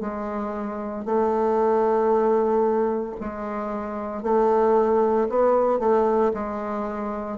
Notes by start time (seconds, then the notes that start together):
0.00 G#3
1.05 A3
3.20 G#3
4.22 A3
5.29 B3
5.79 A3
6.33 G#3